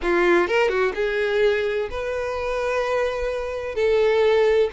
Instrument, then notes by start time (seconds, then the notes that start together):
violin
0.02 F4
0.47 A#4
0.69 F#4
0.94 G#4
1.90 B4
3.75 A4